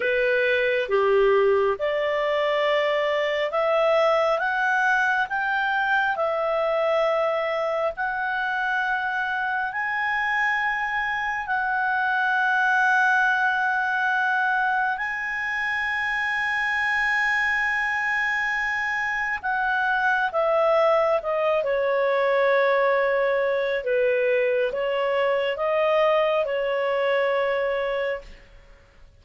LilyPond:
\new Staff \with { instrumentName = "clarinet" } { \time 4/4 \tempo 4 = 68 b'4 g'4 d''2 | e''4 fis''4 g''4 e''4~ | e''4 fis''2 gis''4~ | gis''4 fis''2.~ |
fis''4 gis''2.~ | gis''2 fis''4 e''4 | dis''8 cis''2~ cis''8 b'4 | cis''4 dis''4 cis''2 | }